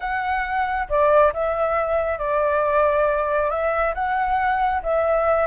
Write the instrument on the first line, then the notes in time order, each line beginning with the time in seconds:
flute
0.00 F#5
0.89 D5
1.33 E5
2.18 D5
3.50 E5
3.94 F#5
4.82 E5